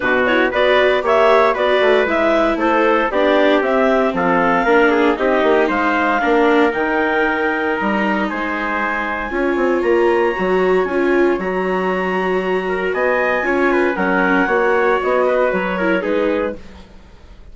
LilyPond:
<<
  \new Staff \with { instrumentName = "clarinet" } { \time 4/4 \tempo 4 = 116 b'8 cis''8 d''4 e''4 d''4 | e''4 c''4 d''4 e''4 | f''2 dis''4 f''4~ | f''4 g''2 ais''4 |
gis''2. ais''4~ | ais''4 gis''4 ais''2~ | ais''4 gis''2 fis''4~ | fis''4 dis''4 cis''4 b'4 | }
  \new Staff \with { instrumentName = "trumpet" } { \time 4/4 fis'4 b'4 cis''4 b'4~ | b'4 a'4 g'2 | a'4 ais'8 gis'8 g'4 c''4 | ais'1 |
c''2 cis''2~ | cis''1~ | cis''8 ais'8 dis''4 cis''8 b'8 ais'4 | cis''4. b'4 ais'8 gis'4 | }
  \new Staff \with { instrumentName = "viola" } { \time 4/4 d'8 e'8 fis'4 g'4 fis'4 | e'2 d'4 c'4~ | c'4 d'4 dis'2 | d'4 dis'2.~ |
dis'2 f'2 | fis'4 f'4 fis'2~ | fis'2 f'4 cis'4 | fis'2~ fis'8 e'8 dis'4 | }
  \new Staff \with { instrumentName = "bassoon" } { \time 4/4 b,4 b4 ais4 b8 a8 | gis4 a4 b4 c'4 | f4 ais4 c'8 ais8 gis4 | ais4 dis2 g4 |
gis2 cis'8 c'8 ais4 | fis4 cis'4 fis2~ | fis4 b4 cis'4 fis4 | ais4 b4 fis4 gis4 | }
>>